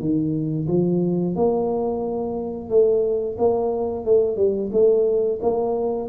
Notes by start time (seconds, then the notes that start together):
0.00 D#3
0.68 F3
1.35 A#3
2.69 A3
3.38 A#3
4.05 A3
4.36 G3
4.72 A3
5.42 A#3